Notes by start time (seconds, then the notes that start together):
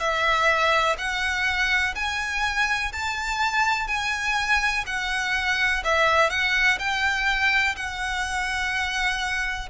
0.00 E5
0.99 F#5
1.96 G#5
2.93 A5
3.88 G#5
4.87 F#5
5.85 E5
6.31 F#5
6.79 G5
7.76 F#5